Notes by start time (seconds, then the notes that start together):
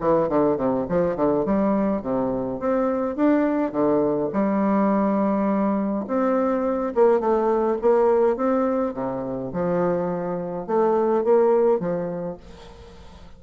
0.00 E3
0.29 D3
0.57 C3
0.89 F3
1.16 D3
1.45 G3
2.02 C3
2.60 C4
3.16 D4
3.72 D3
4.33 G3
6.07 C4
6.95 A#3
7.20 A3
7.81 A#3
8.37 C4
8.94 C3
9.53 F3
10.67 A3
11.24 A#3
11.80 F3